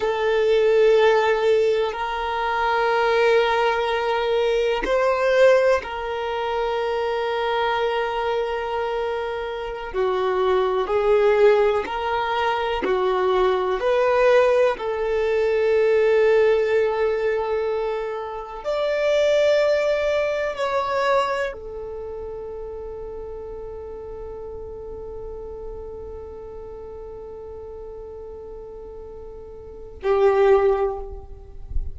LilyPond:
\new Staff \with { instrumentName = "violin" } { \time 4/4 \tempo 4 = 62 a'2 ais'2~ | ais'4 c''4 ais'2~ | ais'2~ ais'16 fis'4 gis'8.~ | gis'16 ais'4 fis'4 b'4 a'8.~ |
a'2.~ a'16 d''8.~ | d''4~ d''16 cis''4 a'4.~ a'16~ | a'1~ | a'2. g'4 | }